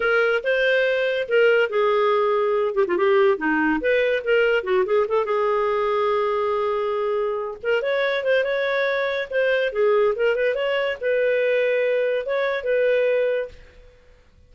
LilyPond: \new Staff \with { instrumentName = "clarinet" } { \time 4/4 \tempo 4 = 142 ais'4 c''2 ais'4 | gis'2~ gis'8 g'16 f'16 g'4 | dis'4 b'4 ais'4 fis'8 gis'8 | a'8 gis'2.~ gis'8~ |
gis'2 ais'8 cis''4 c''8 | cis''2 c''4 gis'4 | ais'8 b'8 cis''4 b'2~ | b'4 cis''4 b'2 | }